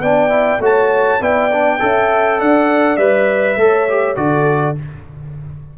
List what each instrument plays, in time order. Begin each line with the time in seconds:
0.00 tuba B3, trombone D4, horn D5, trumpet G5
0.30 trombone E4
0.60 tuba A3, trombone F#4, horn C#5, trumpet A5
1.21 tuba B3, trombone E4, horn D5, trumpet G5
1.53 trombone D4
1.80 tuba C#4, trombone A4, horn E5
2.39 tuba D4, horn D5, trumpet F#5
2.97 tuba G3, trombone B4, trumpet E5
3.57 tuba A3, trombone A4, horn C#5
3.89 trombone G4
4.16 tuba D3, trombone F#4, horn A4, trumpet D5